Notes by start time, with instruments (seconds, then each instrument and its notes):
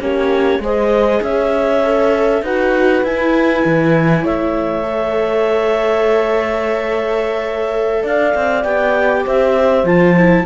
0.00 cello A#3, viola C#4, horn G4, clarinet C#5
0.59 cello G#3, viola G#4, horn C5, clarinet D#5
1.22 cello C#4, horn C#5, clarinet E5
1.84 viola A4
2.42 cello D#4, viola F#4, horn B4, clarinet F#5
3.03 cello E4, viola E4, clarinet G#5
3.65 cello E3
4.23 cello A3, horn C#5, clarinet E5
4.83 viola A4
8.02 cello D4, horn D5, clarinet F5
8.35 cello C4
8.64 cello B3, viola G4, clarinet G5
9.24 cello C4, horn C5, clarinet E5
9.84 cello F3, viola F4, clarinet A5
10.17 viola E4